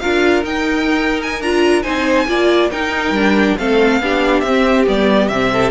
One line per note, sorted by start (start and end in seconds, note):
0.00 0.44 D4
0.00 0.44 F4
0.00 1.83 A#4
0.00 0.43 F5
0.44 1.40 D#4
0.44 1.41 D#4
0.44 1.21 G5
1.22 1.42 G#5
1.40 1.83 D4
1.40 1.83 F4
1.40 1.83 A#5
1.83 2.28 C4
1.83 2.27 D#4
1.83 2.26 C5
1.83 2.69 G#5
2.28 2.71 A#3
2.28 2.71 F4
2.28 2.71 D5
2.71 3.11 D#4
2.71 3.16 D#4
2.71 3.57 A#4
2.71 3.58 G5
3.11 3.54 G3
3.11 3.59 D4
3.58 4.00 A3
3.58 4.02 C4
3.58 4.02 A4
3.58 4.41 F5
4.00 4.42 B3
4.00 4.45 D4
4.00 5.53 G4
4.41 4.86 C4
4.41 4.84 E5
4.47 4.86 C4
4.86 5.30 G3
4.86 5.29 B3
4.86 5.28 D5
5.28 5.71 C3
5.28 5.71 C4
5.28 5.71 E5
5.53 5.71 A4